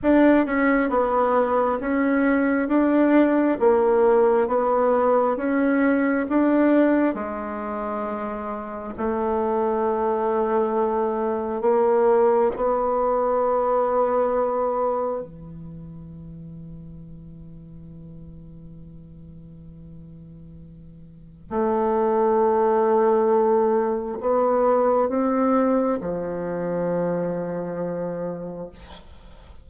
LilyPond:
\new Staff \with { instrumentName = "bassoon" } { \time 4/4 \tempo 4 = 67 d'8 cis'8 b4 cis'4 d'4 | ais4 b4 cis'4 d'4 | gis2 a2~ | a4 ais4 b2~ |
b4 e2.~ | e1 | a2. b4 | c'4 f2. | }